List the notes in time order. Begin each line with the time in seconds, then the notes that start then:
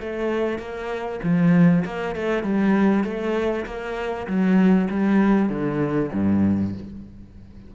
0.00 A3
0.58 A#3
1.23 F3
1.85 A#3
2.15 A3
2.43 G3
3.04 A3
3.65 A#3
4.27 F#3
4.90 G3
5.49 D3
6.13 G2